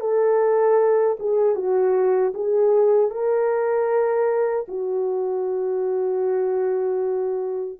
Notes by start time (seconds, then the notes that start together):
0.00 A4
1.19 G#4
1.55 F#4
2.34 G#4
3.10 A#4
4.68 F#4